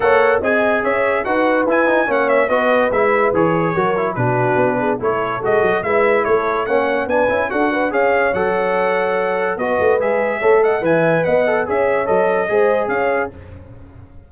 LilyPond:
<<
  \new Staff \with { instrumentName = "trumpet" } { \time 4/4 \tempo 4 = 144 fis''4 gis''4 e''4 fis''4 | gis''4 fis''8 e''8 dis''4 e''4 | cis''2 b'2 | cis''4 dis''4 e''4 cis''4 |
fis''4 gis''4 fis''4 f''4 | fis''2. dis''4 | e''4. fis''8 gis''4 fis''4 | e''4 dis''2 f''4 | }
  \new Staff \with { instrumentName = "horn" } { \time 4/4 cis''4 dis''4 cis''4 b'4~ | b'4 cis''4 b'2~ | b'4 ais'4 fis'4. gis'8 | a'2 b'4 a'4 |
cis''4 b'4 a'8 b'8 cis''4~ | cis''2. b'4~ | b'4 cis''8 dis''8 e''4 dis''4 | cis''2 c''4 cis''4 | }
  \new Staff \with { instrumentName = "trombone" } { \time 4/4 a'4 gis'2 fis'4 | e'8 dis'8 cis'4 fis'4 e'4 | gis'4 fis'8 e'8 d'2 | e'4 fis'4 e'2 |
cis'4 d'8 e'8 fis'4 gis'4 | a'2. fis'4 | gis'4 a'4 b'4. a'8 | gis'4 a'4 gis'2 | }
  \new Staff \with { instrumentName = "tuba" } { \time 4/4 ais4 c'4 cis'4 dis'4 | e'4 ais4 b4 gis4 | e4 fis4 b,4 b4 | a4 gis8 fis8 gis4 a4 |
ais4 b8 cis'8 d'4 cis'4 | fis2. b8 a8 | gis4 a4 e4 b4 | cis'4 fis4 gis4 cis'4 | }
>>